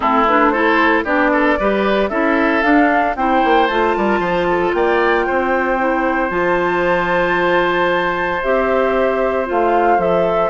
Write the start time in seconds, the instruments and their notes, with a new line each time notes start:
0.00 bassoon A3, clarinet C4, oboe E4, flute A4
0.27 clarinet D4, flute B4
0.49 clarinet E4, oboe A4, flute C5
1.04 bassoon B3, clarinet D4, oboe G4, flute D5
1.32 oboe A4
1.59 bassoon G3, clarinet G4, oboe B4
2.09 bassoon C#4, clarinet E4, oboe A4, flute E5
2.61 clarinet D4, bassoon D4, flute F5
3.16 bassoon C4, clarinet E4, oboe C5, flute G5
3.44 bassoon A#3
3.67 bassoon A3, clarinet F4, flute A5
3.96 bassoon G3, oboe A#4
4.19 bassoon F3, oboe C5
4.49 oboe A4
4.73 bassoon A#3, oboe D5, flute G5
5.26 bassoon C4, oboe C5
5.79 clarinet E4
6.29 bassoon F3, clarinet F4, flute A5
8.41 bassoon C4, clarinet G4, flute E5
9.45 bassoon A3, clarinet F4, flute F5
9.98 bassoon F3, clarinet A4, flute E5